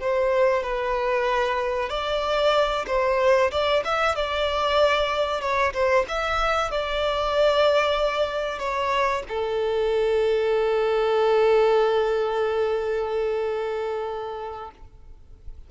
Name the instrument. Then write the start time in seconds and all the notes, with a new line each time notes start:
violin
0.00 C5
0.63 B4
1.90 D5
2.87 C5
3.52 D5
3.85 E5
4.16 D5
5.41 C#5
5.74 C5
6.08 E5
6.71 D5
8.59 C#5
9.29 A4